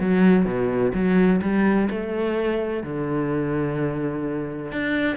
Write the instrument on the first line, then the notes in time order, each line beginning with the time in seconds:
cello
0.00 F#3
0.46 B2
0.94 F#3
1.42 G3
1.91 A3
2.84 D3
4.72 D4